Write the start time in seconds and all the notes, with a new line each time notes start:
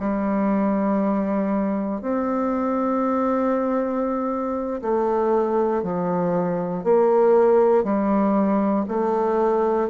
0.00 G3
2.02 C4
4.82 A3
5.83 F3
6.84 A#3
7.84 G3
8.88 A3